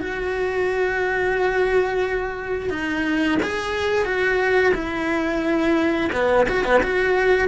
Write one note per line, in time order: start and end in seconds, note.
0.00 2.70 F#4
2.70 3.38 D#4
3.42 4.05 G#4
4.05 4.73 F#4
4.74 6.11 E4
6.12 6.46 B3
6.49 6.64 F#4
6.64 6.81 B3
6.83 7.48 F#4